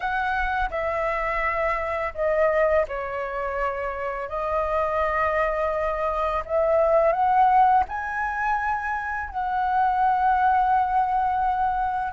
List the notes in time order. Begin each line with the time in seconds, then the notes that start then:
0.00 F#5
0.70 E5
2.14 D#5
2.88 C#5
4.29 D#5
6.45 E5
7.12 F#5
7.88 G#5
9.30 F#5